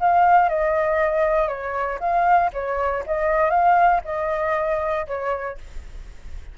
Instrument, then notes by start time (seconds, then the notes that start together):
flute
0.00 F5
0.49 D#5
1.48 C#5
2.00 F5
2.53 C#5
3.06 D#5
3.51 F5
4.05 D#5
5.07 C#5